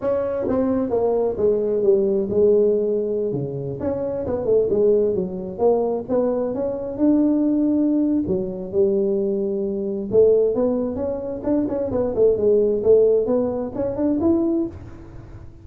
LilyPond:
\new Staff \with { instrumentName = "tuba" } { \time 4/4 \tempo 4 = 131 cis'4 c'4 ais4 gis4 | g4 gis2~ gis16 cis8.~ | cis16 cis'4 b8 a8 gis4 fis8.~ | fis16 ais4 b4 cis'4 d'8.~ |
d'2 fis4 g4~ | g2 a4 b4 | cis'4 d'8 cis'8 b8 a8 gis4 | a4 b4 cis'8 d'8 e'4 | }